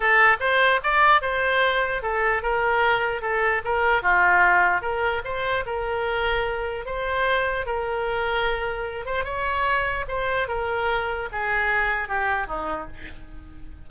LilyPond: \new Staff \with { instrumentName = "oboe" } { \time 4/4 \tempo 4 = 149 a'4 c''4 d''4 c''4~ | c''4 a'4 ais'2 | a'4 ais'4 f'2 | ais'4 c''4 ais'2~ |
ais'4 c''2 ais'4~ | ais'2~ ais'8 c''8 cis''4~ | cis''4 c''4 ais'2 | gis'2 g'4 dis'4 | }